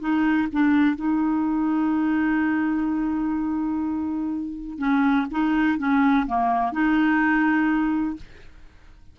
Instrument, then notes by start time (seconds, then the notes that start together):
clarinet
0.00 D#4
0.52 D4
0.96 D#4
4.78 C#4
5.31 D#4
5.78 C#4
6.26 A#3
6.72 D#4